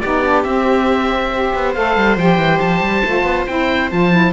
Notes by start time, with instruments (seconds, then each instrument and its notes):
0.00 cello B3, saxophone D#4, viola G4, oboe D5
0.24 saxophone D4
0.43 cello C4, saxophone C4, oboe E5
1.31 saxophone G4, viola C5
1.55 cello B3
1.74 cello A3, saxophone A4, oboe F5
1.96 cello G3
2.17 cello F3, saxophone G4, oboe G5
2.37 cello E3
2.59 cello F3, oboe A5
2.81 cello G3
3.04 cello A3, saxophone F4
3.23 cello B3
3.47 cello C4, saxophone E4, oboe G5
3.91 cello F3, saxophone F4, oboe A5
4.11 saxophone E4